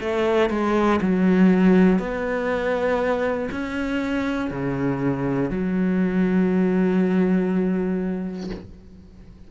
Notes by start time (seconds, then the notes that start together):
0.00 A3
0.49 G#3
1.01 F#3
1.99 B3
3.51 C#4
4.50 C#3
5.50 F#3